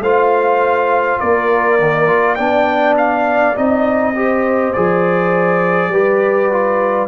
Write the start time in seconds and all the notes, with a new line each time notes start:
0.00 A3 F4 C5 F5
1.20 A#3 A#4 D5
1.79 D#3
2.08 F4
2.35 B3 D4 D5 G5
2.98 F5
3.56 C4 D#4 D#5
4.15 G4 C5
4.73 F3 G#4 D5
5.88 G3 G4 B4
6.52 F4